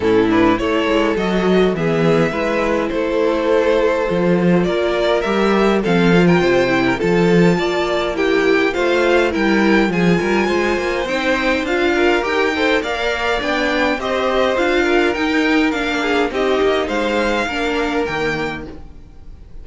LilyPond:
<<
  \new Staff \with { instrumentName = "violin" } { \time 4/4 \tempo 4 = 103 a'8 b'8 cis''4 dis''4 e''4~ | e''4 c''2. | d''4 e''4 f''8. g''4~ g''16 | a''2 g''4 f''4 |
g''4 gis''2 g''4 | f''4 g''4 f''4 g''4 | dis''4 f''4 g''4 f''4 | dis''4 f''2 g''4 | }
  \new Staff \with { instrumentName = "violin" } { \time 4/4 e'4 a'2 gis'4 | b'4 a'2. | ais'2 a'8. ais'16 c''8. ais'16 | a'4 d''4 g'4 c''4 |
ais'4 gis'8 ais'8 c''2~ | c''8 ais'4 c''8 d''2 | c''4. ais'2 gis'8 | g'4 c''4 ais'2 | }
  \new Staff \with { instrumentName = "viola" } { \time 4/4 cis'8 d'8 e'4 fis'4 b4 | e'2. f'4~ | f'4 g'4 c'8 f'4 e'8 | f'2 e'4 f'4 |
e'4 f'2 dis'4 | f'4 g'8 a'8 ais'4 d'4 | g'4 f'4 dis'4 d'4 | dis'2 d'4 ais4 | }
  \new Staff \with { instrumentName = "cello" } { \time 4/4 a,4 a8 gis8 fis4 e4 | gis4 a2 f4 | ais4 g4 f4 c4 | f4 ais2 a4 |
g4 f8 g8 gis8 ais8 c'4 | d'4 dis'4 ais4 b4 | c'4 d'4 dis'4 ais4 | c'8 ais8 gis4 ais4 dis4 | }
>>